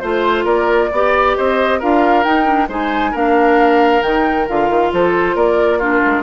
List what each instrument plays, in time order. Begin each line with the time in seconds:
0.00 bassoon A3, clarinet F4, flute C5, oboe C5
0.45 bassoon A#3, oboe A#4, flute D5
0.92 bassoon B3, clarinet G4, oboe D5
1.36 bassoon C4, oboe C5, flute D#5
1.80 bassoon D4, clarinet F4, oboe A#4, flute F5
2.24 clarinet D#4, bassoon D#4, flute G5
2.45 clarinet D4
2.69 bassoon G#3, clarinet D#4, oboe C5, flute G#5
3.12 bassoon A#3, clarinet D4, oboe A#4, flute F5
4.02 bassoon D#3, clarinet D#4, flute G5
4.49 bassoon D3, clarinet F4, flute F5
4.70 bassoon D#3
4.93 bassoon F3, oboe A4, flute C5
5.36 bassoon A#3, oboe A#4, flute D5
5.79 clarinet D4, oboe F4, flute A#4
6.06 bassoon G#3